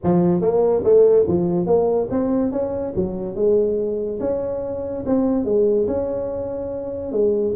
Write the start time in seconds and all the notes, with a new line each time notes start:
0.03 F3
0.41 A#3
0.84 A3
1.27 F3
1.66 A#3
2.10 C4
2.51 C#4
2.95 F#3
3.35 G#3
4.20 C#4
5.05 C4
5.45 G#3
5.87 C#4
7.12 G#3